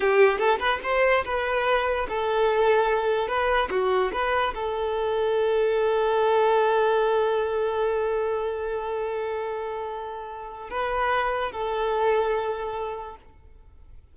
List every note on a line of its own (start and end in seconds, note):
0.00 0.38 G4
0.38 0.58 A4
0.59 0.79 B4
0.83 1.24 C5
1.24 2.07 B4
2.08 3.27 A4
3.27 3.69 B4
3.70 4.11 F#4
4.12 4.54 B4
4.54 10.70 A4
10.70 11.52 B4
11.52 13.16 A4